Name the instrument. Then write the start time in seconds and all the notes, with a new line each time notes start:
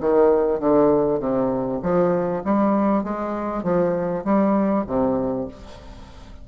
bassoon
0.00 D#3
0.59 D3
1.20 C3
1.82 F3
2.44 G3
3.04 G#3
3.63 F3
4.24 G3
4.87 C3